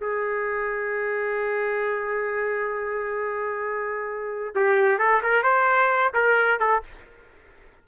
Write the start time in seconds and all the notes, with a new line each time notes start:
0.00 G#4
4.55 G4
4.98 A4
5.22 A#4
5.43 C5
6.14 A#4
6.59 A4